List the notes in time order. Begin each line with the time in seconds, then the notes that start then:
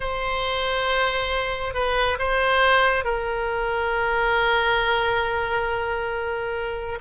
0.00 C5
1.74 B4
2.18 C5
3.04 A#4